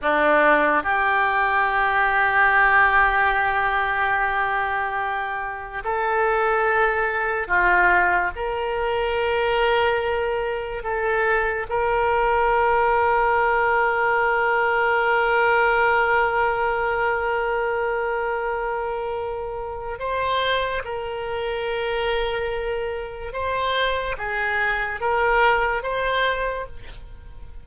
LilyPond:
\new Staff \with { instrumentName = "oboe" } { \time 4/4 \tempo 4 = 72 d'4 g'2.~ | g'2. a'4~ | a'4 f'4 ais'2~ | ais'4 a'4 ais'2~ |
ais'1~ | ais'1 | c''4 ais'2. | c''4 gis'4 ais'4 c''4 | }